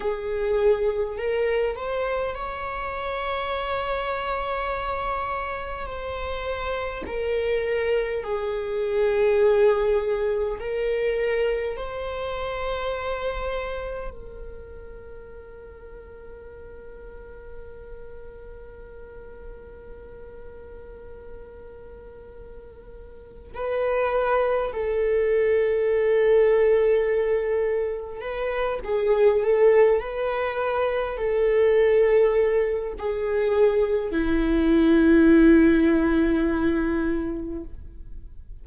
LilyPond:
\new Staff \with { instrumentName = "viola" } { \time 4/4 \tempo 4 = 51 gis'4 ais'8 c''8 cis''2~ | cis''4 c''4 ais'4 gis'4~ | gis'4 ais'4 c''2 | ais'1~ |
ais'1 | b'4 a'2. | b'8 gis'8 a'8 b'4 a'4. | gis'4 e'2. | }